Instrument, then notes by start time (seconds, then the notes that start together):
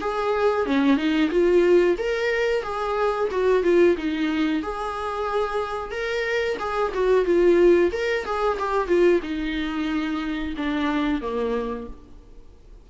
viola
0.00 G#4
0.65 C#4
0.96 D#4
1.31 F4
1.98 A#4
2.62 G#4
3.31 F#4
3.63 F4
3.97 D#4
4.62 G#4
5.91 A#4
6.59 G#4
6.94 F#4
7.25 F4
7.92 A#4
8.25 G#4
8.58 G4
8.87 F4
9.22 D#4
10.56 D4
11.21 A#3